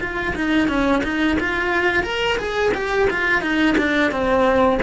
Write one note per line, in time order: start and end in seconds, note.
0.00 0.34 F4
0.35 0.68 D#4
0.68 1.02 C#4
1.03 1.37 D#4
1.40 2.03 F4
2.03 2.37 A#4
2.38 2.72 G#4
2.74 3.08 G4
3.10 3.41 F4
3.41 3.75 D#4
3.77 4.11 D4
4.11 4.79 C4